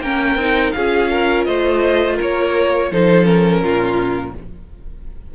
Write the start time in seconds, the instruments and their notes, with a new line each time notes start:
0.00 cello A#3, viola C#4, violin A#4 G5
0.36 cello C4, viola D#4
0.72 cello C#4, viola F4, violin G#4 F5
1.12 violin A#4
1.45 cello A3, violin C5 D#5
2.16 cello A#3, violin A#4 C#5
2.91 cello F3, viola D#4, violin A4 C5
3.24 viola C#4, violin A#4
3.62 cello A#2, violin F4